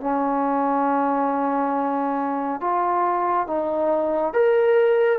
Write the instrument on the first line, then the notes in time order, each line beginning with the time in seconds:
trombone
0.00 C#4
2.60 F4
3.47 D#4
4.33 A#4